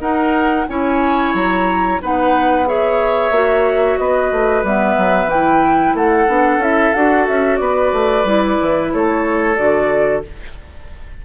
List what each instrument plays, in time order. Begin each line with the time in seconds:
0.00 bassoon D#4, clarinet D#4, oboe A#4, flute F#5
0.68 bassoon C#4, clarinet E4, oboe C#5, flute G#5
1.34 bassoon F#3, flute A#5
2.01 bassoon B3, clarinet D#4, oboe B4, flute F#5
2.66 clarinet G#4, oboe C#5, flute E5
3.30 bassoon A#3, clarinet F#4
3.97 bassoon B3, oboe B4, flute D#5
4.31 bassoon A3
4.63 bassoon G3, clarinet B3, flute E5
4.97 bassoon F#3
5.26 bassoon E3, clarinet E4, flute G5
5.94 bassoon A3, oboe A4, flute F#5
6.27 bassoon B3, clarinet D4
6.57 bassoon C#4, clarinet E4, flute E5
6.93 bassoon D4, clarinet F#4, flute F#5
7.27 bassoon C#4, flute E5
7.56 bassoon B3, oboe B4, flute D5
7.92 bassoon A3
8.24 bassoon G3, clarinet E4
8.61 bassoon E3
8.92 bassoon A3, oboe A4, flute C#5
9.56 bassoon D3, clarinet F#4, flute D5